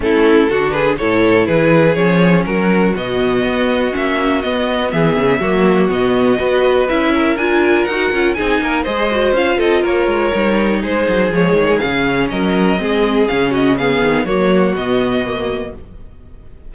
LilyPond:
<<
  \new Staff \with { instrumentName = "violin" } { \time 4/4 \tempo 4 = 122 a'4. b'8 cis''4 b'4 | cis''4 ais'4 dis''2 | e''4 dis''4 e''2 | dis''2 e''4 gis''4 |
fis''4 gis''4 dis''4 f''8 dis''8 | cis''2 c''4 cis''4 | f''4 dis''2 f''8 dis''8 | f''4 cis''4 dis''2 | }
  \new Staff \with { instrumentName = "violin" } { \time 4/4 e'4 fis'8 gis'8 a'4 gis'4~ | gis'4 fis'2.~ | fis'2 gis'4 fis'4~ | fis'4 b'4. ais'4.~ |
ais'4 gis'8 ais'8 c''4. a'8 | ais'2 gis'2~ | gis'4 ais'4 gis'4. fis'8 | gis'4 fis'2. | }
  \new Staff \with { instrumentName = "viola" } { \time 4/4 cis'4 d'4 e'2 | cis'2 b2 | cis'4 b2 ais4 | b4 fis'4 e'4 f'4 |
fis'8 f'8 dis'4 gis'8 fis'8 f'4~ | f'4 dis'2 gis4 | cis'2 c'4 cis'4 | b4 ais4 b4 ais4 | }
  \new Staff \with { instrumentName = "cello" } { \time 4/4 a4 d4 a,4 e4 | f4 fis4 b,4 b4 | ais4 b4 e8 cis8 fis4 | b,4 b4 cis'4 d'4 |
dis'8 cis'8 c'8 ais8 gis4 cis'8 c'8 | ais8 gis8 g4 gis8 fis8 f8 dis8 | cis4 fis4 gis4 cis4~ | cis8 dis8 fis4 b,2 | }
>>